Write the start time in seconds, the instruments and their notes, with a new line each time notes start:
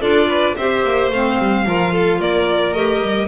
0.00 double bass D4, clarinet F4, violin A4 D5
0.28 violin B4
0.56 double bass C4, clarinet G4, violin C5 E5
0.84 double bass A#3
1.10 double bass A3, clarinet C4, violin F5
1.38 double bass G3
1.66 double bass F3, clarinet F4, violin A#4
1.92 violin A4
2.19 double bass A#3, violin A#4 D5
2.73 double bass A3, clarinet G4, violin D#5
3.01 double bass G3